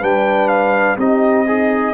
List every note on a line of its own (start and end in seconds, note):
0.00 0.98 G3
0.00 0.97 D4
0.00 0.97 B4
0.00 0.48 G5
0.48 0.96 F5
0.98 1.94 C4
0.98 1.47 D#4
0.98 1.47 G4
0.98 1.94 D#5
1.47 1.94 D#4
1.47 1.94 G#4